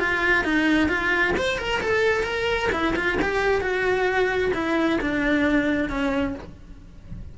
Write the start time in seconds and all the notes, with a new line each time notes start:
0.00 F4
0.44 D#4
0.89 F4
1.37 C5
1.58 A#4
1.82 A4
2.24 A#4
2.72 E4
2.96 F4
3.22 G4
3.61 F#4
4.54 E4
5.01 D4
5.89 C#4